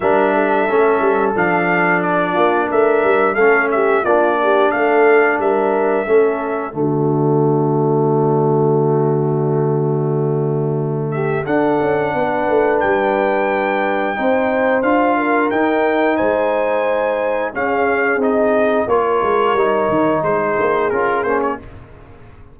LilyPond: <<
  \new Staff \with { instrumentName = "trumpet" } { \time 4/4 \tempo 4 = 89 e''2 f''4 d''4 | e''4 f''8 e''8 d''4 f''4 | e''2 d''2~ | d''1~ |
d''8 e''8 fis''2 g''4~ | g''2 f''4 g''4 | gis''2 f''4 dis''4 | cis''2 c''4 ais'8 c''16 cis''16 | }
  \new Staff \with { instrumentName = "horn" } { \time 4/4 ais'8 a'2. f'8 | ais'4 a'8 g'8 f'8 g'8 a'4 | ais'4 a'4 fis'2~ | fis'1~ |
fis'8 g'8 a'4 b'2~ | b'4 c''4. ais'4. | c''2 gis'2 | ais'2 gis'2 | }
  \new Staff \with { instrumentName = "trombone" } { \time 4/4 d'4 cis'4 d'2~ | d'4 cis'4 d'2~ | d'4 cis'4 a2~ | a1~ |
a4 d'2.~ | d'4 dis'4 f'4 dis'4~ | dis'2 cis'4 dis'4 | f'4 dis'2 f'8 cis'8 | }
  \new Staff \with { instrumentName = "tuba" } { \time 4/4 g4 a8 g8 f4. ais8 | a8 g8 a4 ais4 a4 | g4 a4 d2~ | d1~ |
d4 d'8 cis'8 b8 a8 g4~ | g4 c'4 d'4 dis'4 | gis2 cis'4 c'4 | ais8 gis8 g8 dis8 gis8 ais8 cis'8 ais8 | }
>>